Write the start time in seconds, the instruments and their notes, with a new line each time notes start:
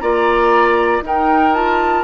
0.00 bassoon A#3, clarinet F4, oboe D5, flute A#5
1.02 bassoon D#4, clarinet D#4, oboe A#4, flute G5
1.54 clarinet F4, flute A5